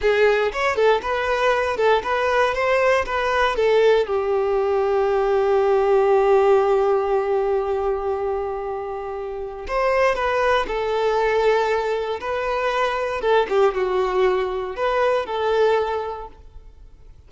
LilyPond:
\new Staff \with { instrumentName = "violin" } { \time 4/4 \tempo 4 = 118 gis'4 cis''8 a'8 b'4. a'8 | b'4 c''4 b'4 a'4 | g'1~ | g'1~ |
g'2. c''4 | b'4 a'2. | b'2 a'8 g'8 fis'4~ | fis'4 b'4 a'2 | }